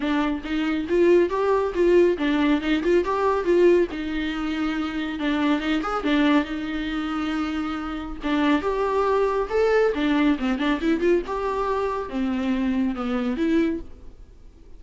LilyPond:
\new Staff \with { instrumentName = "viola" } { \time 4/4 \tempo 4 = 139 d'4 dis'4 f'4 g'4 | f'4 d'4 dis'8 f'8 g'4 | f'4 dis'2. | d'4 dis'8 gis'8 d'4 dis'4~ |
dis'2. d'4 | g'2 a'4 d'4 | c'8 d'8 e'8 f'8 g'2 | c'2 b4 e'4 | }